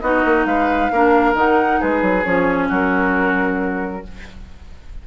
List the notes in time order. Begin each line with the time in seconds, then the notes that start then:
0.00 B3 D#4 F#4 D#5
0.25 A#3
0.45 G#3 B4 F5
0.92 A#3 D4 A#4
1.33 D#3 D#4 F#5
1.80 G#3 G#4 B4
2.01 F#3
2.23 F3 C#4 C#5
2.68 F#3 F#4 A#4